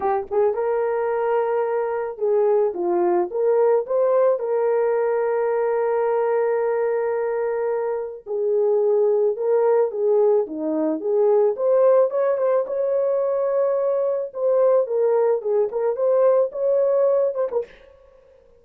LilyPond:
\new Staff \with { instrumentName = "horn" } { \time 4/4 \tempo 4 = 109 g'8 gis'8 ais'2. | gis'4 f'4 ais'4 c''4 | ais'1~ | ais'2. gis'4~ |
gis'4 ais'4 gis'4 dis'4 | gis'4 c''4 cis''8 c''8 cis''4~ | cis''2 c''4 ais'4 | gis'8 ais'8 c''4 cis''4. c''16 ais'16 | }